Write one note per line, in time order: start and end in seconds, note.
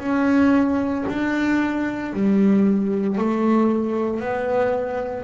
0.00 1.05 C#4
1.09 2.13 D4
2.13 3.19 G3
3.19 4.21 A3
4.21 5.24 B3